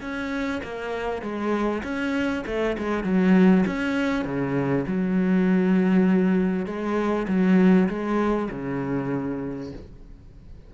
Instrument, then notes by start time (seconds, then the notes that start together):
cello
0.00 C#4
0.63 A#3
1.21 G#3
1.83 C#4
2.46 A3
2.77 G#3
3.03 F#3
3.66 C#4
4.24 C#3
4.87 F#3
6.66 G#3
7.28 F#3
7.88 G#3
8.51 C#3